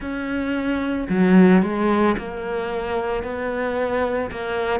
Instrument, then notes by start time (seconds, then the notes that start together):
cello
0.00 C#4
1.09 F#3
1.62 G#3
2.17 A#3
3.23 B3
4.31 A#3